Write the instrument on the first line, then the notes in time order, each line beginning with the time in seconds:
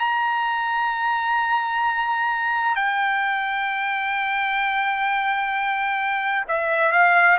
trumpet
0.00 A#5
2.76 G5
6.48 E5
6.92 F5